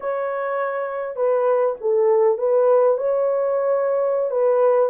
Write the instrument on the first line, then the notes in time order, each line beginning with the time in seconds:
horn
0.00 C#5
1.16 B4
1.81 A4
2.38 B4
2.97 C#5
4.30 B4